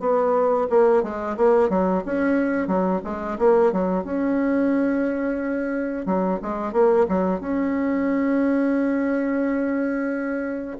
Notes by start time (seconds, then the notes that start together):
0.00 B3
0.70 A#3
1.03 G#3
1.37 A#3
1.70 F#3
2.05 C#4
2.68 F#3
3.04 G#3
3.39 A#3
3.72 F#3
4.04 C#4
6.06 F#3
6.43 G#3
6.73 A#3
7.09 F#3
7.40 C#4